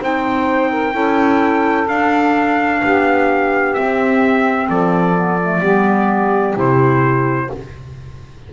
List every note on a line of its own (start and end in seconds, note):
0.00 0.93 C4
0.00 0.93 D#4
0.00 0.70 C5
0.00 1.88 G5
0.70 0.93 A#4
0.93 1.87 C#4
0.93 1.86 E4
0.93 2.80 A4
1.88 2.81 D4
1.88 3.75 D4
1.88 3.74 F5
2.81 3.77 B3
2.81 4.67 G4
3.74 5.14 C4
3.74 4.69 C4
3.74 4.68 E5
4.67 5.60 F3
4.67 5.60 A4
4.67 6.57 D5
5.14 5.38 B3
5.43 5.62 A3
5.60 6.54 G3
5.60 6.54 B3
5.60 7.47 G4
6.54 7.50 C3
6.54 7.48 E4
6.54 7.53 C5